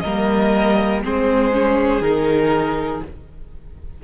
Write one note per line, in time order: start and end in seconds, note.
0.00 1.05 G3
0.00 1.04 A#3
0.00 1.04 A#4
0.00 1.00 D#5
1.04 2.01 G#3
1.04 1.53 C4
1.04 3.04 G#4
1.04 2.02 C5
1.53 2.02 C#4
2.01 3.01 D#3
2.01 3.02 D#4
2.01 3.02 A#4